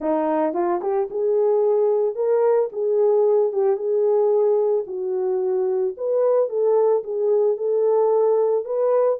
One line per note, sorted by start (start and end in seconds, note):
0.00 0.53 D#4
0.53 0.80 F4
0.81 1.08 G4
1.10 2.15 G#4
2.15 2.69 A#4
2.72 3.52 G#4
3.52 3.76 G4
3.76 4.84 G#4
4.86 5.95 F#4
5.97 6.49 B4
6.49 7.03 A4
7.03 7.57 G#4
7.57 8.65 A4
8.65 9.19 B4